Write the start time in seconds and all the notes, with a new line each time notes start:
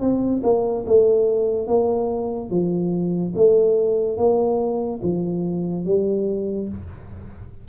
0.00 C4
0.43 A#3
0.86 A3
1.67 A#3
2.50 F3
3.35 A3
4.17 A#3
5.02 F3
5.85 G3